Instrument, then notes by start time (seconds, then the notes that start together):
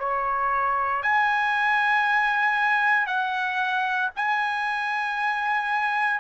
trumpet
0.00 C#5
1.03 G#5
3.07 F#5
4.16 G#5